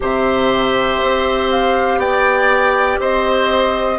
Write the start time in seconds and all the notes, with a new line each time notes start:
0.00 C3 G4 C5 E5
1.02 C4
1.50 F5
1.97 B3 D5 G5
2.99 C4 C5 D#5